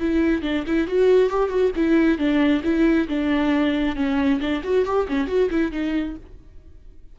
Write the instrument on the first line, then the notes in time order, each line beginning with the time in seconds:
viola
0.00 E4
0.43 D4
0.67 E4
0.88 F#4
1.30 G4
1.50 F#4
1.76 E4
2.19 D4
2.64 E4
3.09 D4
3.96 C#4
4.41 D4
4.64 F#4
4.86 G4
5.09 C#4
5.28 F#4
5.51 E4
5.72 D#4